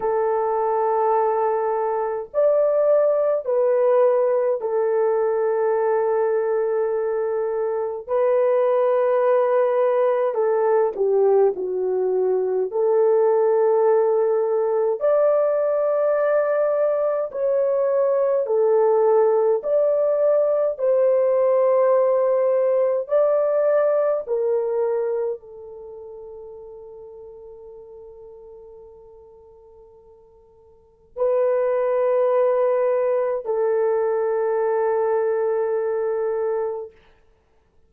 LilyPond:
\new Staff \with { instrumentName = "horn" } { \time 4/4 \tempo 4 = 52 a'2 d''4 b'4 | a'2. b'4~ | b'4 a'8 g'8 fis'4 a'4~ | a'4 d''2 cis''4 |
a'4 d''4 c''2 | d''4 ais'4 a'2~ | a'2. b'4~ | b'4 a'2. | }